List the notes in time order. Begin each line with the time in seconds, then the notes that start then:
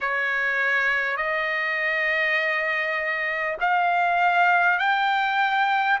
0.00 C#5
1.16 D#5
3.60 F5
4.78 G5